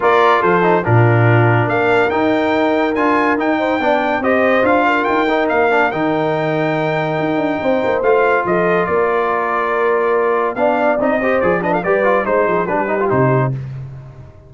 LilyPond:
<<
  \new Staff \with { instrumentName = "trumpet" } { \time 4/4 \tempo 4 = 142 d''4 c''4 ais'2 | f''4 g''2 gis''4 | g''2 dis''4 f''4 | g''4 f''4 g''2~ |
g''2. f''4 | dis''4 d''2.~ | d''4 f''4 dis''4 d''8 dis''16 f''16 | d''4 c''4 b'4 c''4 | }
  \new Staff \with { instrumentName = "horn" } { \time 4/4 ais'4 a'4 f'2 | ais'1~ | ais'8 c''8 d''4 c''4. ais'8~ | ais'1~ |
ais'2 c''2 | a'4 ais'2.~ | ais'4 d''4. c''4 b'16 a'16 | b'4 c''8 gis'8 g'2 | }
  \new Staff \with { instrumentName = "trombone" } { \time 4/4 f'4. dis'8 d'2~ | d'4 dis'2 f'4 | dis'4 d'4 g'4 f'4~ | f'8 dis'4 d'8 dis'2~ |
dis'2. f'4~ | f'1~ | f'4 d'4 dis'8 g'8 gis'8 d'8 | g'8 f'8 dis'4 d'8 dis'16 f'16 dis'4 | }
  \new Staff \with { instrumentName = "tuba" } { \time 4/4 ais4 f4 ais,2 | ais4 dis'2 d'4 | dis'4 b4 c'4 d'4 | dis'4 ais4 dis2~ |
dis4 dis'8 d'8 c'8 ais8 a4 | f4 ais2.~ | ais4 b4 c'4 f4 | g4 gis8 f8 g4 c4 | }
>>